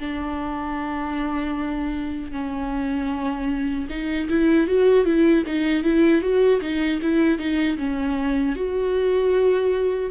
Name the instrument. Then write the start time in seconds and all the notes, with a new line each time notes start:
viola
0.00 D4
2.32 C#4
3.90 D#4
4.30 E4
4.68 F#4
5.05 E4
5.47 D#4
5.84 E4
6.22 F#4
6.62 D#4
7.02 E4
7.38 D#4
7.78 C#4
8.56 F#4